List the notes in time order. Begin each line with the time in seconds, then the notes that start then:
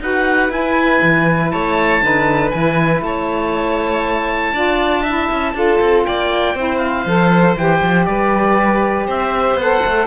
0.00 D#4 F#4 B4 F#5
0.49 E4 G#5
1.02 E3
1.51 A3 C#5 A5
2.01 D3 D#4 B4
2.50 E3 E4 G#5
3.01 A3 C#5 A5
4.52 D4 F4 D5
5.02 E4 E5
5.31 C#4
5.53 D4 F4 A4
5.81 C4
6.05 A#3 D5 G5
6.54 C4 E4 C5
6.78 F5
7.05 F3 A4
7.56 E3 G4 G5
7.82 F3
8.05 G3 B4 D5
9.07 C4 C5 E5
9.54 B3 A4 F#5
9.85 A3